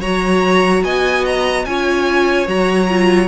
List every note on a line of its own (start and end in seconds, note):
0.00 0.83 F#3
0.00 1.66 F#4
0.00 0.82 C#5
0.00 0.83 A#5
0.83 1.65 B3
0.83 1.66 D#5
0.83 1.25 G#5
1.25 1.65 A#5
1.65 2.47 C#4
1.65 2.47 F4
1.65 3.27 C#5
1.65 2.47 G#5
2.47 3.27 F#3
2.47 2.88 F#4
2.47 3.27 A#5
2.89 3.27 F4